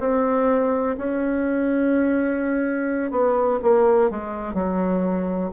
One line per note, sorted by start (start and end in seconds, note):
0.00 0.97 C4
0.98 3.11 C#4
3.11 3.60 B3
3.62 4.10 A#3
4.10 4.54 G#3
4.54 5.51 F#3